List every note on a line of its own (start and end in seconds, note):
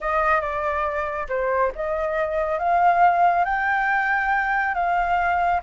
0.01 0.40 D#5
0.40 1.27 D5
1.29 1.72 C5
1.75 2.58 D#5
2.58 3.44 F5
3.44 4.74 G5
4.74 5.60 F5